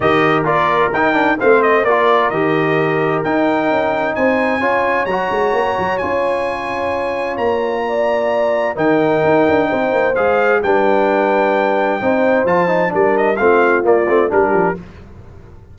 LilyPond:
<<
  \new Staff \with { instrumentName = "trumpet" } { \time 4/4 \tempo 4 = 130 dis''4 d''4 g''4 f''8 dis''8 | d''4 dis''2 g''4~ | g''4 gis''2 ais''4~ | ais''4 gis''2. |
ais''2. g''4~ | g''2 f''4 g''4~ | g''2. a''4 | d''8 dis''8 f''4 d''4 ais'4 | }
  \new Staff \with { instrumentName = "horn" } { \time 4/4 ais'2. c''4 | ais'1~ | ais'4 c''4 cis''2~ | cis''1~ |
cis''4 d''2 ais'4~ | ais'4 c''2 b'4~ | b'2 c''2 | ais'4 f'2 g'4 | }
  \new Staff \with { instrumentName = "trombone" } { \time 4/4 g'4 f'4 dis'8 d'8 c'4 | f'4 g'2 dis'4~ | dis'2 f'4 fis'4~ | fis'4 f'2.~ |
f'2. dis'4~ | dis'2 gis'4 d'4~ | d'2 dis'4 f'8 dis'8 | d'4 c'4 ais8 c'8 d'4 | }
  \new Staff \with { instrumentName = "tuba" } { \time 4/4 dis4 ais4 dis'4 a4 | ais4 dis2 dis'4 | cis'4 c'4 cis'4 fis8 gis8 | ais8 fis8 cis'2. |
ais2. dis4 | dis'8 d'8 c'8 ais8 gis4 g4~ | g2 c'4 f4 | g4 a4 ais8 a8 g8 f8 | }
>>